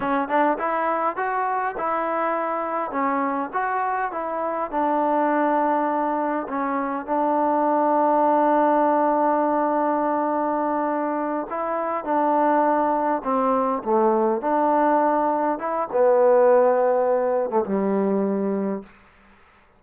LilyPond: \new Staff \with { instrumentName = "trombone" } { \time 4/4 \tempo 4 = 102 cis'8 d'8 e'4 fis'4 e'4~ | e'4 cis'4 fis'4 e'4 | d'2. cis'4 | d'1~ |
d'2.~ d'8 e'8~ | e'8 d'2 c'4 a8~ | a8 d'2 e'8 b4~ | b4.~ b16 a16 g2 | }